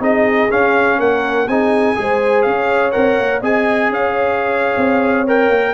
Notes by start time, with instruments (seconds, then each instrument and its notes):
0.00 tuba C4, trombone D#4, horn G#4, trumpet D#5
0.50 trombone C#4, tuba C#4, trumpet F5
0.99 tuba A#3, horn A#4, trumpet F#5
1.47 tuba C4, trombone D#4, horn G#4, trumpet G#5
1.95 tuba G#3, trombone G#4, horn C5
2.42 tuba C#4, horn C#5, trumpet F5
2.92 tuba C4, trombone A#4, trumpet F#5
3.18 tuba A#3
3.41 tuba C4, trombone G#4, horn D#5, trumpet G#5
3.90 tuba C#4, horn C#5, trumpet F5
4.77 tuba C4
5.27 trombone A#4, trumpet G5
5.49 tuba A#3